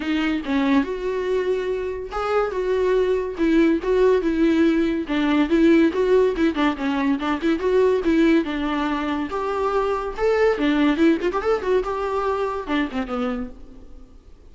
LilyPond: \new Staff \with { instrumentName = "viola" } { \time 4/4 \tempo 4 = 142 dis'4 cis'4 fis'2~ | fis'4 gis'4 fis'2 | e'4 fis'4 e'2 | d'4 e'4 fis'4 e'8 d'8 |
cis'4 d'8 e'8 fis'4 e'4 | d'2 g'2 | a'4 d'4 e'8 f'16 g'16 a'8 fis'8 | g'2 d'8 c'8 b4 | }